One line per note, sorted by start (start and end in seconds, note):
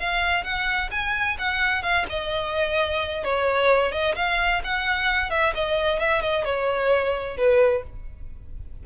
0.00 0.44 F5
0.44 0.90 F#5
0.91 1.38 G#5
1.39 1.83 F#5
1.83 2.06 F5
2.10 3.25 D#5
3.25 3.92 C#5
3.92 4.15 D#5
4.16 4.62 F5
4.64 5.31 F#5
5.31 5.54 E5
5.55 6.00 D#5
6.00 6.22 E5
6.22 6.45 D#5
6.45 7.37 C#5
7.37 7.84 B4